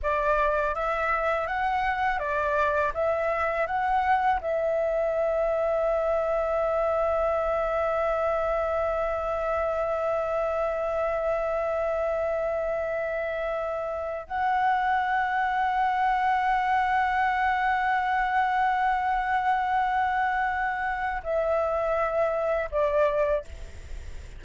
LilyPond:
\new Staff \with { instrumentName = "flute" } { \time 4/4 \tempo 4 = 82 d''4 e''4 fis''4 d''4 | e''4 fis''4 e''2~ | e''1~ | e''1~ |
e''2.~ e''8 fis''8~ | fis''1~ | fis''1~ | fis''4 e''2 d''4 | }